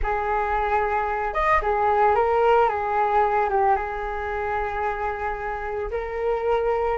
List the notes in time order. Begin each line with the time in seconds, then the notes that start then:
0.03 G#4
1.33 D#5
1.62 G#4
2.15 A#4
2.68 G#4
3.49 G4
3.76 G#4
5.90 A#4